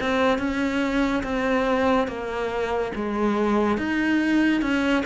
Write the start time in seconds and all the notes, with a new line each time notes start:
0.00 C4
0.38 C#4
1.23 C4
2.07 A#3
2.95 G#3
3.77 D#4
4.61 C#4